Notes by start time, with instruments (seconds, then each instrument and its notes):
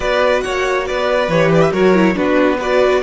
0.00 cello B3, viola F#4, violin B4 D5
0.41 cello A#3, violin C#5 F#5
0.86 cello B3, violin B4 D5
1.27 cello E3, viola G4, violin C#5
1.54 violin D5
1.61 violin E5
1.71 cello F#3, viola F#4, violin A#4 C#5
1.94 viola E4
2.14 cello B3, viola D4, violin F#4 B4
2.57 viola F#4, violin B4 D5